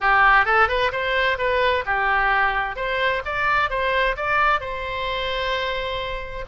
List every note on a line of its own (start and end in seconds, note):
0.00 0.45 G4
0.45 0.68 A4
0.68 0.91 B4
0.91 1.38 C5
1.38 1.84 B4
1.85 2.76 G4
2.76 3.22 C5
3.25 3.69 D5
3.69 4.16 C5
4.16 4.60 D5
4.60 6.45 C5